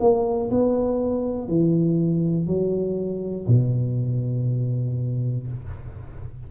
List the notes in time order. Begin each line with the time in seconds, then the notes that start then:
0.00 A#3
0.50 B3
1.48 E3
2.47 F#3
3.47 B2